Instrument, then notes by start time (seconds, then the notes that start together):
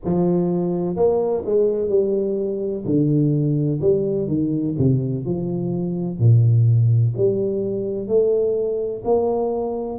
tuba
0.04 F3
0.96 A#3
1.45 G#3
1.88 G3
2.85 D3
3.81 G3
4.27 D#3
4.78 C3
5.25 F3
6.19 A#2
7.16 G3
8.07 A3
9.04 A#3